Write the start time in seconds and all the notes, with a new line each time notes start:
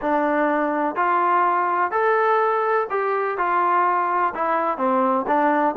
0.01 D4
0.95 F4
1.91 A4
2.90 G4
3.37 F4
4.34 E4
4.77 C4
5.27 D4